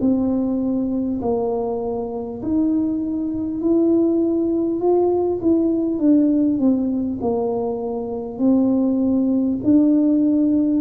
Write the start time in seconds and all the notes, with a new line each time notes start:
0.00 C4
1.21 A#3
2.42 D#4
3.61 E4
4.80 F4
5.41 E4
5.98 D4
6.58 C4
7.21 A#3
8.38 C4
9.63 D4